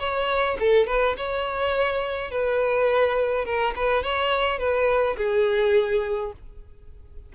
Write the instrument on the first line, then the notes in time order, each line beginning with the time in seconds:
violin
0.00 C#5
0.60 A4
0.87 B4
1.17 C#5
2.31 B4
3.45 A#4
3.76 B4
4.04 C#5
4.59 B4
5.17 G#4